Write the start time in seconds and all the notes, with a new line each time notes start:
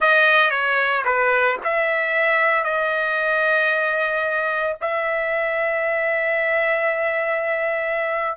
0.00 D#5
0.50 C#5
1.04 B4
1.63 E5
2.64 D#5
4.81 E5